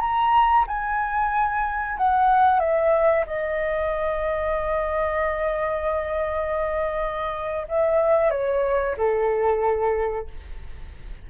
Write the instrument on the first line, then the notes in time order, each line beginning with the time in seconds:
flute
0.00 A#5
0.67 G#5
1.97 F#5
2.59 E5
3.26 D#5
7.68 E5
8.30 C#5
8.97 A4